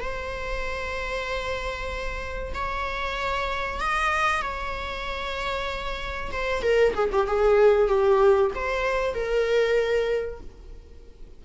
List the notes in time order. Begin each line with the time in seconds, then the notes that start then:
0.00 C5
2.54 C#5
3.80 D#5
4.42 C#5
6.32 C5
6.62 A#4
6.94 G#4
7.12 G4
7.27 G#4
7.87 G4
8.54 C5
9.14 A#4